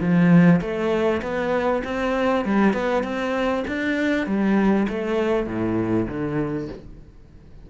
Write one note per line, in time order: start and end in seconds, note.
0.00 0.61 F3
0.61 1.21 A3
1.22 1.82 B3
1.84 2.45 C4
2.45 2.73 G3
2.73 3.03 B3
3.03 3.64 C4
3.67 4.26 D4
4.26 4.87 G3
4.88 5.46 A3
5.46 6.07 A2
6.08 6.68 D3